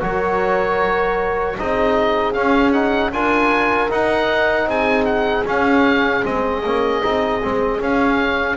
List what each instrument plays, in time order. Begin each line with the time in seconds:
0.00 double bass F#3, trombone F#4, horn A#4, oboe C#5
1.58 double bass C4, trombone D#4, horn G#4, oboe D#5
2.33 trombone C#4, double bass C#4, oboe F5
2.72 trombone D#4, oboe F#5
3.12 double bass D4, trombone F4, horn A#4, oboe G#5
3.89 trombone D#4, double bass D#4, oboe F#5
4.66 double bass C4, horn G#4, oboe G#5
5.05 oboe F#5
5.46 double bass C#4, trombone C#4, oboe F5
6.23 double bass G#3, trombone C4, oboe D#5
6.64 double bass A#3, trombone C#4
7.02 double bass C4, trombone D#4
7.43 double bass G#3, trombone C4
7.78 trombone C#4, double bass C#4, oboe F5